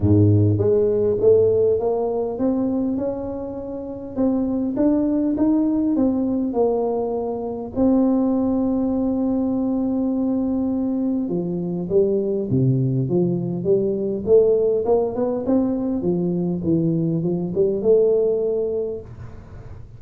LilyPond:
\new Staff \with { instrumentName = "tuba" } { \time 4/4 \tempo 4 = 101 gis,4 gis4 a4 ais4 | c'4 cis'2 c'4 | d'4 dis'4 c'4 ais4~ | ais4 c'2.~ |
c'2. f4 | g4 c4 f4 g4 | a4 ais8 b8 c'4 f4 | e4 f8 g8 a2 | }